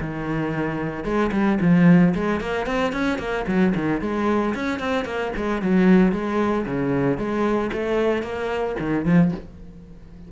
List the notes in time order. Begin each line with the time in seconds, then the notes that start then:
0.00 D#3
1.04 G#3
1.32 G3
1.61 F3
2.14 G#3
2.40 A#3
2.66 C4
2.92 C#4
3.18 A#3
3.47 F#3
3.75 D#3
4.01 G#3
4.54 C#4
4.79 C4
5.05 A#3
5.36 G#3
5.61 F#3
6.12 G#3
6.65 C#3
7.17 G#3
7.72 A3
8.23 A#3
8.79 D#3
9.05 F3